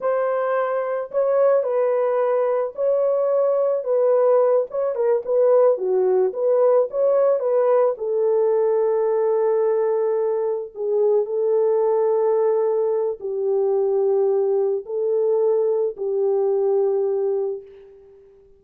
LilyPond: \new Staff \with { instrumentName = "horn" } { \time 4/4 \tempo 4 = 109 c''2 cis''4 b'4~ | b'4 cis''2 b'4~ | b'8 cis''8 ais'8 b'4 fis'4 b'8~ | b'8 cis''4 b'4 a'4.~ |
a'2.~ a'8 gis'8~ | gis'8 a'2.~ a'8 | g'2. a'4~ | a'4 g'2. | }